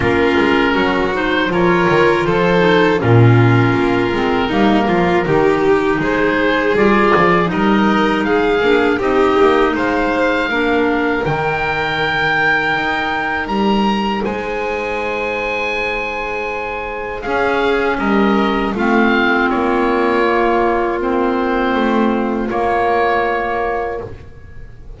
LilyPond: <<
  \new Staff \with { instrumentName = "oboe" } { \time 4/4 \tempo 4 = 80 ais'4. c''8 cis''4 c''4 | ais'1 | c''4 d''4 dis''4 f''4 | dis''4 f''2 g''4~ |
g''2 ais''4 gis''4~ | gis''2. f''4 | dis''4 f''4 cis''2 | c''2 cis''2 | }
  \new Staff \with { instrumentName = "violin" } { \time 4/4 f'4 fis'4 ais'4 a'4 | f'2 dis'8 f'8 g'4 | gis'2 ais'4 gis'4 | g'4 c''4 ais'2~ |
ais'2. c''4~ | c''2. gis'4 | ais'4 f'2.~ | f'1 | }
  \new Staff \with { instrumentName = "clarinet" } { \time 4/4 cis'4. dis'8 f'4. dis'8 | cis'4. c'8 ais4 dis'4~ | dis'4 f'4 dis'4. d'8 | dis'2 d'4 dis'4~ |
dis'1~ | dis'2. cis'4~ | cis'4 c'2 ais4 | c'2 ais2 | }
  \new Staff \with { instrumentName = "double bass" } { \time 4/4 ais8 gis8 fis4 f8 dis8 f4 | ais,4 ais8 gis8 g8 f8 dis4 | gis4 g8 f8 g4 gis8 ais8 | c'8 ais8 gis4 ais4 dis4~ |
dis4 dis'4 g4 gis4~ | gis2. cis'4 | g4 a4 ais2~ | ais4 a4 ais2 | }
>>